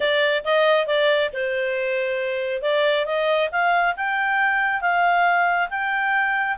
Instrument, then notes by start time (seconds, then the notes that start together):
clarinet
0.00 D5
0.44 D#5
0.86 D5
1.33 C5
2.62 D5
3.05 D#5
3.51 F5
3.96 G5
4.81 F5
5.70 G5